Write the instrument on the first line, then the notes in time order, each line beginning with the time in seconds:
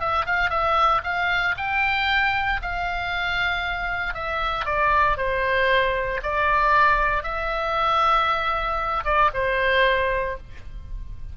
oboe
0.00 E5
0.26 F5
0.50 E5
1.04 F5
1.58 G5
2.62 F5
4.14 E5
4.66 D5
5.18 C5
6.23 D5
7.23 E5
9.05 D5
9.34 C5